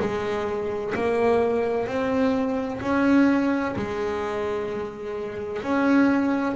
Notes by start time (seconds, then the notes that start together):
0.00 G#3
0.95 A#3
1.87 C4
2.82 C#4
3.76 G#3
5.63 C#4